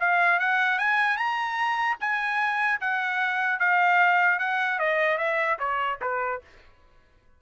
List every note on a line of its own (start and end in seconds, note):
0.00 0.40 F5
0.40 0.79 F#5
0.79 1.17 G#5
1.17 1.97 A#5
2.01 2.81 G#5
2.81 3.60 F#5
3.60 4.39 F5
4.39 4.79 F#5
4.79 5.18 D#5
5.18 5.58 E5
5.59 5.99 C#5
6.01 6.41 B4